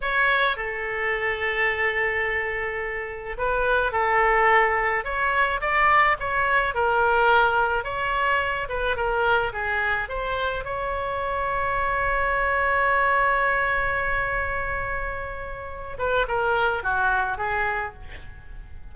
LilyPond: \new Staff \with { instrumentName = "oboe" } { \time 4/4 \tempo 4 = 107 cis''4 a'2.~ | a'2 b'4 a'4~ | a'4 cis''4 d''4 cis''4 | ais'2 cis''4. b'8 |
ais'4 gis'4 c''4 cis''4~ | cis''1~ | cis''1~ | cis''8 b'8 ais'4 fis'4 gis'4 | }